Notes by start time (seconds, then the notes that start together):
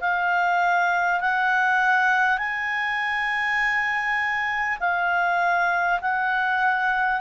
0.00 F5
1.20 F#5
2.38 G#5
4.80 F5
6.01 F#5